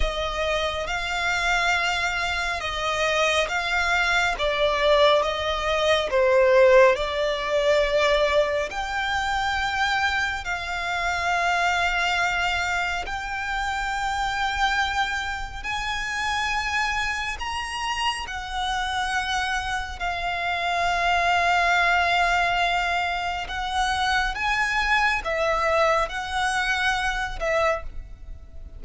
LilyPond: \new Staff \with { instrumentName = "violin" } { \time 4/4 \tempo 4 = 69 dis''4 f''2 dis''4 | f''4 d''4 dis''4 c''4 | d''2 g''2 | f''2. g''4~ |
g''2 gis''2 | ais''4 fis''2 f''4~ | f''2. fis''4 | gis''4 e''4 fis''4. e''8 | }